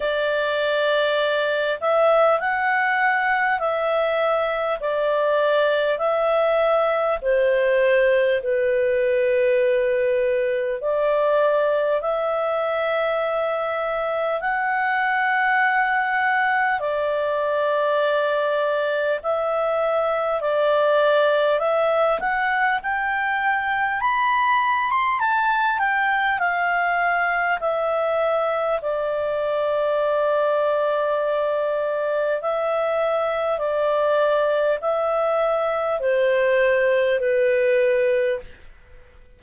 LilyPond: \new Staff \with { instrumentName = "clarinet" } { \time 4/4 \tempo 4 = 50 d''4. e''8 fis''4 e''4 | d''4 e''4 c''4 b'4~ | b'4 d''4 e''2 | fis''2 d''2 |
e''4 d''4 e''8 fis''8 g''4 | b''8. c'''16 a''8 g''8 f''4 e''4 | d''2. e''4 | d''4 e''4 c''4 b'4 | }